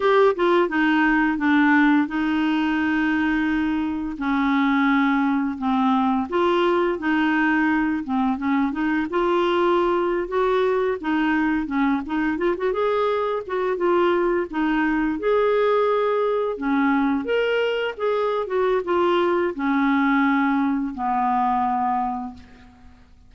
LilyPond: \new Staff \with { instrumentName = "clarinet" } { \time 4/4 \tempo 4 = 86 g'8 f'8 dis'4 d'4 dis'4~ | dis'2 cis'2 | c'4 f'4 dis'4. c'8 | cis'8 dis'8 f'4.~ f'16 fis'4 dis'16~ |
dis'8. cis'8 dis'8 f'16 fis'16 gis'4 fis'8 f'16~ | f'8. dis'4 gis'2 cis'16~ | cis'8. ais'4 gis'8. fis'8 f'4 | cis'2 b2 | }